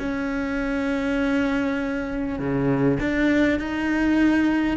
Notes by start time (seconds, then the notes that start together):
0.00 C#4
2.39 C#3
3.01 D4
3.60 D#4